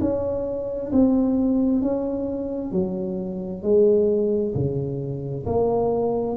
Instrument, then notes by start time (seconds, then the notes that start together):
tuba
0.00 C#4
0.92 C4
1.81 C#4
2.71 F#3
3.62 G#3
4.54 C#3
5.45 A#3